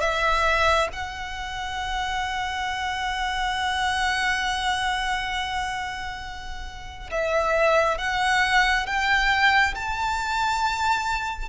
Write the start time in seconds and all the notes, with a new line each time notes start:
0.00 E5
0.93 F#5
7.11 E5
7.98 F#5
8.86 G5
9.75 A5